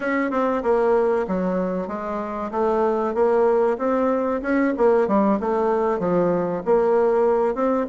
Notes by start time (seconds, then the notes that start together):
0.00 C#4
0.30 C4
0.62 A#3
1.27 F#3
1.87 G#3
2.51 A3
3.14 A#3
3.78 C4
4.42 C#4
4.77 A#3
5.07 G3
5.40 A3
5.99 F3
6.65 A#3
7.54 C4